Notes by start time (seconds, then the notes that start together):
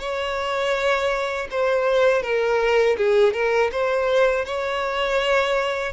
0.00 C#5
1.51 C5
2.23 A#4
2.98 G#4
3.34 A#4
3.72 C5
4.46 C#5